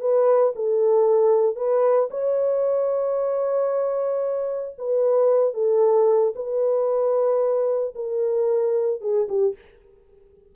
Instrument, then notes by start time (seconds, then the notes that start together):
horn
0.00 B4
0.55 A4
1.56 B4
2.10 C#5
4.78 B4
5.54 A4
6.35 B4
7.95 A#4
9.01 G#4
9.28 G4